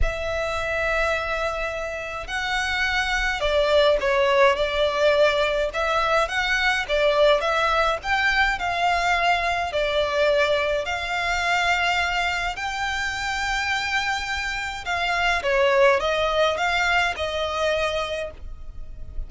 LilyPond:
\new Staff \with { instrumentName = "violin" } { \time 4/4 \tempo 4 = 105 e''1 | fis''2 d''4 cis''4 | d''2 e''4 fis''4 | d''4 e''4 g''4 f''4~ |
f''4 d''2 f''4~ | f''2 g''2~ | g''2 f''4 cis''4 | dis''4 f''4 dis''2 | }